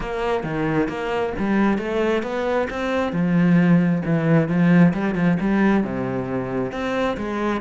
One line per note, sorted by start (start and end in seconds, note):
0.00 0.43 A#3
0.43 0.88 D#3
0.88 1.33 A#3
1.39 1.78 G3
1.78 2.22 A3
2.22 2.67 B3
2.70 3.12 C4
3.12 4.02 F3
4.05 4.48 E3
4.48 4.93 F3
4.93 5.15 G3
5.15 5.37 F3
5.40 5.83 G3
5.83 6.72 C3
6.72 7.16 C4
7.17 7.61 G#3